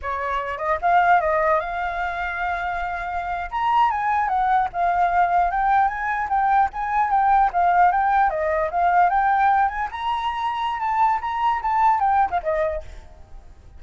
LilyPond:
\new Staff \with { instrumentName = "flute" } { \time 4/4 \tempo 4 = 150 cis''4. dis''8 f''4 dis''4 | f''1~ | f''8. ais''4 gis''4 fis''4 f''16~ | f''4.~ f''16 g''4 gis''4 g''16~ |
g''8. gis''4 g''4 f''4 g''16~ | g''8. dis''4 f''4 g''4~ g''16~ | g''16 gis''8 ais''2~ ais''16 a''4 | ais''4 a''4 g''8. f''16 dis''4 | }